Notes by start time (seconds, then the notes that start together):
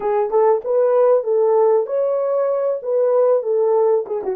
0.00 G#4
0.30 A4
0.64 B4
1.23 A4
1.86 C#5
2.82 B4
3.42 A4
4.06 G#4
4.23 F#4